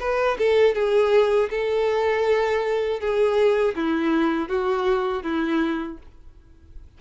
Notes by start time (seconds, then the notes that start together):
0.00 B4
0.39 A4
0.75 G#4
1.50 A4
3.00 G#4
3.76 E4
4.49 F#4
5.23 E4